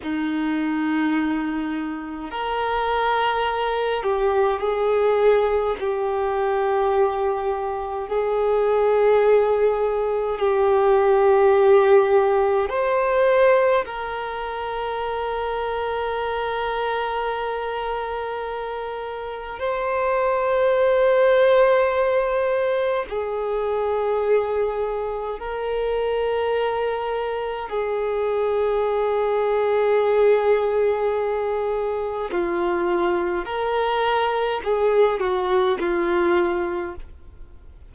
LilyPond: \new Staff \with { instrumentName = "violin" } { \time 4/4 \tempo 4 = 52 dis'2 ais'4. g'8 | gis'4 g'2 gis'4~ | gis'4 g'2 c''4 | ais'1~ |
ais'4 c''2. | gis'2 ais'2 | gis'1 | f'4 ais'4 gis'8 fis'8 f'4 | }